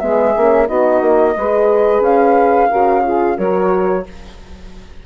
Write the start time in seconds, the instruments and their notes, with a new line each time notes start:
0.00 bassoon G#3, horn B3, saxophone G#4, flute E5
0.36 bassoon A#3, horn C#4
0.67 bassoon B3, horn D#4, saxophone F#4, flute D#5
1.01 bassoon A#3
1.37 bassoon G#3, horn G#4, saxophone B4
2.00 bassoon C#4, flute F5
2.69 bassoon C#3, horn F#4, saxophone A#4
3.04 horn F4, saxophone G#4
3.36 bassoon F#3, horn F#4, saxophone A#4, flute C#5